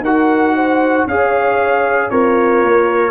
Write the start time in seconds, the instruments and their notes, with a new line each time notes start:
0.00 tuba D#4, trombone F#4, horn A#4, trumpet F#5
0.55 horn C5
1.06 tuba C#4, trombone G#4, horn C#5, trumpet F5
2.09 tuba C4, horn F4, trombone A#4, trumpet C#5
2.62 tuba A#3